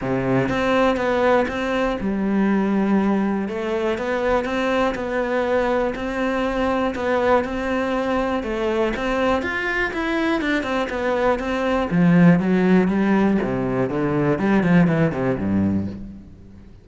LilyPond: \new Staff \with { instrumentName = "cello" } { \time 4/4 \tempo 4 = 121 c4 c'4 b4 c'4 | g2. a4 | b4 c'4 b2 | c'2 b4 c'4~ |
c'4 a4 c'4 f'4 | e'4 d'8 c'8 b4 c'4 | f4 fis4 g4 c4 | d4 g8 f8 e8 c8 g,4 | }